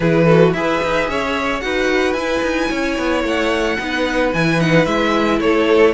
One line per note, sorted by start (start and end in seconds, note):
0.00 0.53 E3
0.00 0.28 E4
0.00 0.25 G#4
0.00 0.53 B4
0.25 0.55 F#4
0.25 0.52 A4
0.53 0.80 E4
0.53 1.61 G#4
0.53 1.09 B4
0.53 1.60 E5
0.83 1.08 D#4
1.08 1.62 C#4
1.08 1.63 C#5
1.60 2.13 D#4
1.60 2.15 F#4
1.60 2.69 B4
1.60 2.12 F#5
2.12 2.40 E4
2.12 3.78 E4
2.12 3.20 G#5
2.42 2.69 D#4
2.69 2.98 C#4
2.69 3.77 C#5
2.98 3.23 B3
3.23 3.77 A3
3.23 4.33 F#5
3.77 4.33 B3
3.77 4.33 D#4
3.77 5.40 B4
4.33 4.86 E3
4.33 4.59 E4
4.33 4.60 G#5
4.59 4.86 D#4
4.59 4.85 F#5
4.85 5.39 G#3
4.85 5.93 E4
4.85 5.39 E5
5.39 5.93 A3
5.39 5.93 A4
5.39 5.93 C#5